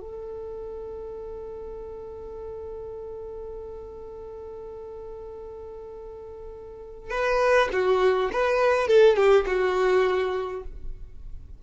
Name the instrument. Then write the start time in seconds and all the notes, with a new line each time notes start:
violin
0.00 A4
7.10 B4
7.72 F#4
8.32 B4
8.87 A4
9.16 G4
9.46 F#4